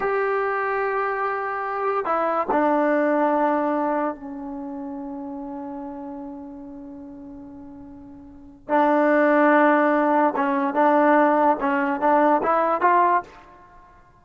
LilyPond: \new Staff \with { instrumentName = "trombone" } { \time 4/4 \tempo 4 = 145 g'1~ | g'4 e'4 d'2~ | d'2 cis'2~ | cis'1~ |
cis'1~ | cis'4 d'2.~ | d'4 cis'4 d'2 | cis'4 d'4 e'4 f'4 | }